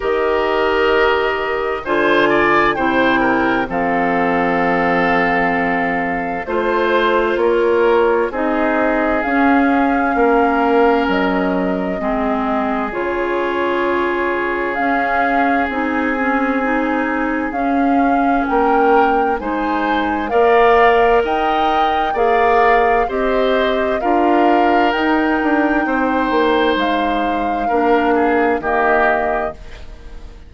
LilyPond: <<
  \new Staff \with { instrumentName = "flute" } { \time 4/4 \tempo 4 = 65 dis''2 gis''4 g''4 | f''2. c''4 | cis''4 dis''4 f''2 | dis''2 cis''2 |
f''4 gis''2 f''4 | g''4 gis''4 f''4 g''4 | f''4 dis''4 f''4 g''4~ | g''4 f''2 dis''4 | }
  \new Staff \with { instrumentName = "oboe" } { \time 4/4 ais'2 c''8 d''8 c''8 ais'8 | a'2. c''4 | ais'4 gis'2 ais'4~ | ais'4 gis'2.~ |
gis'1 | ais'4 c''4 d''4 dis''4 | d''4 c''4 ais'2 | c''2 ais'8 gis'8 g'4 | }
  \new Staff \with { instrumentName = "clarinet" } { \time 4/4 g'2 f'4 e'4 | c'2. f'4~ | f'4 dis'4 cis'2~ | cis'4 c'4 f'2 |
cis'4 dis'8 cis'8 dis'4 cis'4~ | cis'4 dis'4 ais'2 | gis'4 g'4 f'4 dis'4~ | dis'2 d'4 ais4 | }
  \new Staff \with { instrumentName = "bassoon" } { \time 4/4 dis2 d4 c4 | f2. a4 | ais4 c'4 cis'4 ais4 | fis4 gis4 cis2 |
cis'4 c'2 cis'4 | ais4 gis4 ais4 dis'4 | ais4 c'4 d'4 dis'8 d'8 | c'8 ais8 gis4 ais4 dis4 | }
>>